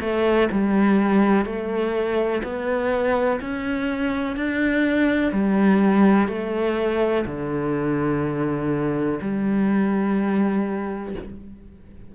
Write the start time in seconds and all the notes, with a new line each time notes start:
0.00 A3
0.51 G3
1.46 A3
2.43 B3
3.40 C#4
4.36 D4
5.32 G3
6.28 A3
7.26 D3
9.21 G3